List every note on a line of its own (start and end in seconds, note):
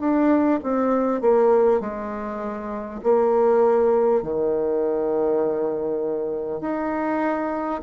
0.00 0.60 D4
0.63 1.22 C4
1.22 1.81 A#3
1.81 3.01 G#3
3.03 4.23 A#3
4.23 6.61 D#3
6.61 7.81 D#4